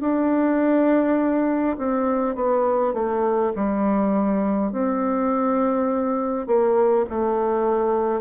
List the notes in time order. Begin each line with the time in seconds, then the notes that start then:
0.00 D4
1.77 C4
2.35 B3
2.93 A3
3.55 G3
4.72 C4
6.47 A#3
7.09 A3